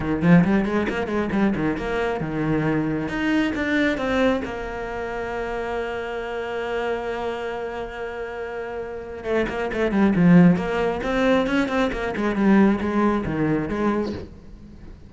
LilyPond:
\new Staff \with { instrumentName = "cello" } { \time 4/4 \tempo 4 = 136 dis8 f8 g8 gis8 ais8 gis8 g8 dis8 | ais4 dis2 dis'4 | d'4 c'4 ais2~ | ais1~ |
ais1~ | ais4 a8 ais8 a8 g8 f4 | ais4 c'4 cis'8 c'8 ais8 gis8 | g4 gis4 dis4 gis4 | }